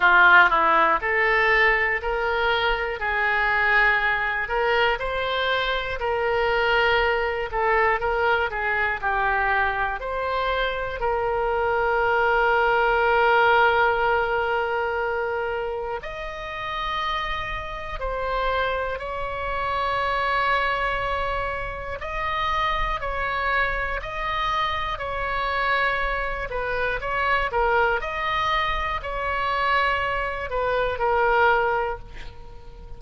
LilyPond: \new Staff \with { instrumentName = "oboe" } { \time 4/4 \tempo 4 = 60 f'8 e'8 a'4 ais'4 gis'4~ | gis'8 ais'8 c''4 ais'4. a'8 | ais'8 gis'8 g'4 c''4 ais'4~ | ais'1 |
dis''2 c''4 cis''4~ | cis''2 dis''4 cis''4 | dis''4 cis''4. b'8 cis''8 ais'8 | dis''4 cis''4. b'8 ais'4 | }